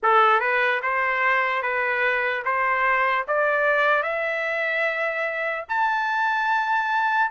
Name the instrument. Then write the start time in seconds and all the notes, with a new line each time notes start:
trumpet
0.02 A4
0.40 B4
0.82 C5
1.62 B4
2.44 C5
3.27 D5
4.02 E5
5.69 A5